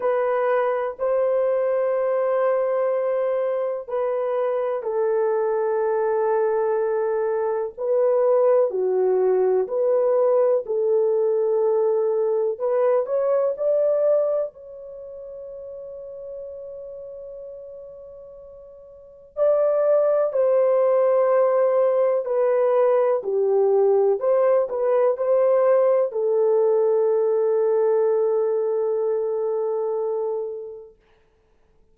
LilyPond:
\new Staff \with { instrumentName = "horn" } { \time 4/4 \tempo 4 = 62 b'4 c''2. | b'4 a'2. | b'4 fis'4 b'4 a'4~ | a'4 b'8 cis''8 d''4 cis''4~ |
cis''1 | d''4 c''2 b'4 | g'4 c''8 b'8 c''4 a'4~ | a'1 | }